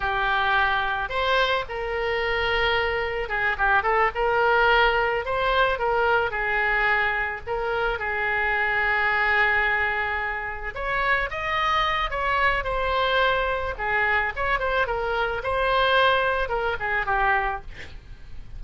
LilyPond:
\new Staff \with { instrumentName = "oboe" } { \time 4/4 \tempo 4 = 109 g'2 c''4 ais'4~ | ais'2 gis'8 g'8 a'8 ais'8~ | ais'4. c''4 ais'4 gis'8~ | gis'4. ais'4 gis'4.~ |
gis'2.~ gis'8 cis''8~ | cis''8 dis''4. cis''4 c''4~ | c''4 gis'4 cis''8 c''8 ais'4 | c''2 ais'8 gis'8 g'4 | }